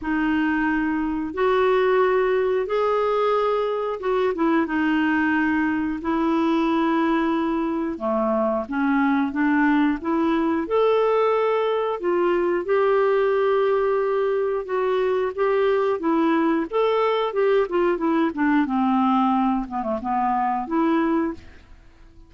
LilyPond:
\new Staff \with { instrumentName = "clarinet" } { \time 4/4 \tempo 4 = 90 dis'2 fis'2 | gis'2 fis'8 e'8 dis'4~ | dis'4 e'2. | a4 cis'4 d'4 e'4 |
a'2 f'4 g'4~ | g'2 fis'4 g'4 | e'4 a'4 g'8 f'8 e'8 d'8 | c'4. b16 a16 b4 e'4 | }